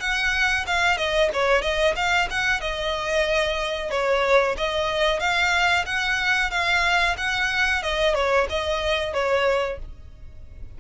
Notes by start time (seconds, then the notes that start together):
0.00 F#5
0.67 F5
0.97 D#5
1.33 C#5
1.62 D#5
1.96 F5
2.30 F#5
2.61 D#5
3.90 C#5
4.57 D#5
5.20 F5
5.86 F#5
6.50 F5
7.17 F#5
7.83 D#5
8.15 C#5
8.49 D#5
9.13 C#5